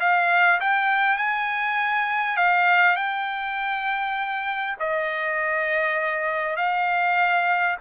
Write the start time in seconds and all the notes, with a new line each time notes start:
0.00 F5
0.60 G5
1.18 G#5
2.37 F5
2.96 G5
4.80 D#5
6.56 F5